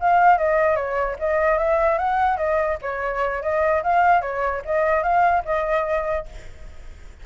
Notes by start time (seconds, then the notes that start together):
0.00 F5
0.38 D#5
0.75 C#5
1.19 D#5
1.58 E5
1.98 F#5
2.37 D#5
2.82 C#5
3.42 D#5
3.83 F5
4.21 C#5
4.65 D#5
5.03 F5
5.45 D#5